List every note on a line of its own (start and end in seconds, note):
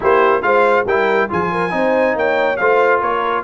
0.00 0.42 A#3
0.00 0.42 E4
0.00 0.44 G4
0.00 0.42 C5
0.42 0.85 G#3
0.42 0.85 F4
0.42 0.86 C5
0.42 0.85 F5
0.85 1.28 G3
0.85 1.29 E4
0.85 1.29 A#4
0.85 1.30 G5
1.29 1.72 F3
1.29 1.69 F4
1.29 1.51 G#4
1.29 2.18 G#5
1.51 1.73 A#4
1.69 2.15 C4
1.69 2.56 D#4
1.69 2.16 C5
2.15 2.58 A#3
2.15 2.59 C#5
2.15 2.56 G5
2.56 3.02 A3
2.56 3.43 F4
2.56 3.00 C5
2.56 2.99 F5
3.00 3.43 A#3
3.00 3.43 A#4
3.00 3.43 C#5